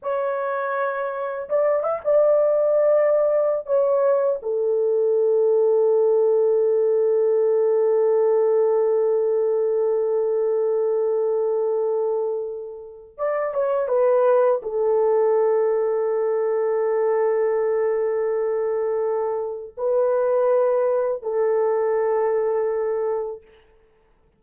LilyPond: \new Staff \with { instrumentName = "horn" } { \time 4/4 \tempo 4 = 82 cis''2 d''8 e''16 d''4~ d''16~ | d''4 cis''4 a'2~ | a'1~ | a'1~ |
a'2 d''8 cis''8 b'4 | a'1~ | a'2. b'4~ | b'4 a'2. | }